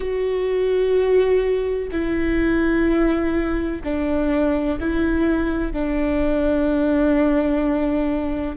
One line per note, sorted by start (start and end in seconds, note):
0.00 1.88 F#4
1.91 3.82 E4
3.84 4.79 D4
4.80 5.72 E4
5.72 8.56 D4